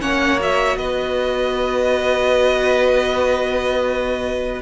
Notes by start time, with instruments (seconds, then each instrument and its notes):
0.00 cello A#3, viola C#4, violin C#5 F#5
0.39 viola F#4, violin E5
0.76 cello B3, violin B4 D#5